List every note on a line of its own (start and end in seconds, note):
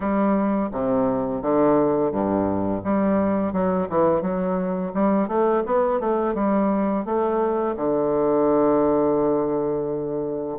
0.00 0.69 G3
0.72 1.41 C3
1.41 2.11 D3
2.11 2.82 G2
2.84 3.53 G3
3.53 3.88 F#3
3.89 4.21 E3
4.21 4.92 F#3
4.94 5.27 G3
5.27 5.63 A3
5.66 6.00 B3
6.00 6.34 A3
6.34 7.05 G3
7.05 7.75 A3
7.76 10.59 D3